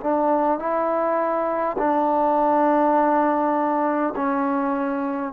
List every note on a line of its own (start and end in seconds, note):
0.00 0.59 D4
0.59 1.76 E4
1.78 4.13 D4
4.16 5.32 C#4